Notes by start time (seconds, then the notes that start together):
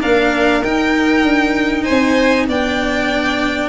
0.00 A#3 D4 A#4 F5
0.62 D#4 G5
1.23 D4
1.83 C4 C5 G#5
2.47 B3 D4 D5 G5